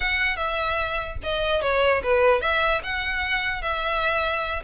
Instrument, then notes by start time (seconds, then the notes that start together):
violin
0.00 F#5
0.36 E5
1.23 D#5
1.61 C#5
2.03 B4
2.41 E5
2.83 F#5
3.61 E5